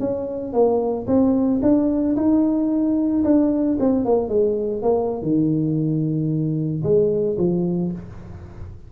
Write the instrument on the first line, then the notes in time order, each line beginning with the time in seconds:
tuba
0.00 C#4
0.53 A#3
1.07 C4
1.62 D4
2.16 D#4
3.24 D4
3.80 C4
4.05 A#3
4.29 G#3
4.82 A#3
5.22 D#3
6.84 G#3
7.38 F3